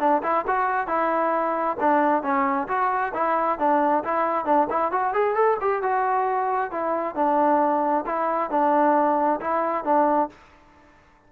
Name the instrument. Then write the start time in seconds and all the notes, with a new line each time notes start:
trombone
0.00 D4
0.23 E4
0.47 F#4
0.88 E4
1.80 D4
2.23 C#4
2.68 F#4
3.14 E4
3.59 D4
4.04 E4
4.45 D4
4.70 E4
4.92 F#4
5.14 G#4
5.35 A4
5.61 G4
5.82 F#4
6.71 E4
7.15 D4
8.06 E4
8.51 D4
9.41 E4
9.85 D4